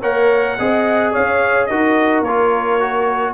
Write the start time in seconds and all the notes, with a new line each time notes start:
0.00 A#3 A#4 C#5 F#5
0.58 C4 G#4 D#5
1.12 C#4 C#5 F5
1.66 D#4 F#4 A#4 D#5
2.21 A#3 C#5
2.27 F4
2.80 F#4